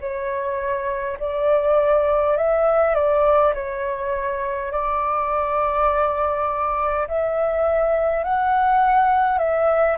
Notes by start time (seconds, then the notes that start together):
0.00 C#5
1.19 D5
2.37 E5
2.95 D5
3.55 C#5
4.72 D5
7.08 E5
8.24 F#5
9.38 E5